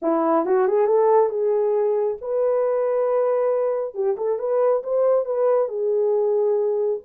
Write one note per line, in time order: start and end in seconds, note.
0.01 0.45 E4
0.45 0.67 F#4
0.67 0.86 G#4
0.86 1.29 A4
1.29 2.17 G#4
2.21 3.94 B4
3.94 4.16 G4
4.17 4.38 A4
4.38 4.82 B4
4.83 5.25 C5
5.25 5.68 B4
5.68 7.00 G#4